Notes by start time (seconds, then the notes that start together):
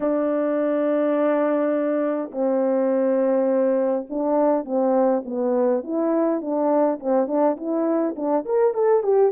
0.00 D4
2.31 C4
4.09 D4
4.64 C4
5.25 B3
5.83 E4
6.41 D4
6.99 C4
7.27 D4
7.56 E4
8.16 D4
8.45 A#4
8.74 A4
9.03 G4